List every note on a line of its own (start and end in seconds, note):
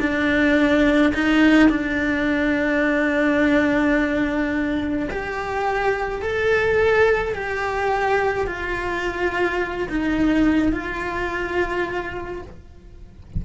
0.00 1.13 D4
1.14 1.70 D#4
1.70 5.09 D4
5.11 6.22 G4
6.22 7.35 A4
7.35 8.48 G4
8.48 9.89 F4
9.89 10.72 D#4
10.72 12.42 F4